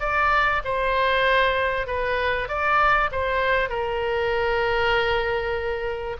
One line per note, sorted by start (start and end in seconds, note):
0.00 0.62 D5
0.64 1.87 C5
1.87 2.48 B4
2.48 3.10 D5
3.12 3.69 C5
3.69 6.17 A#4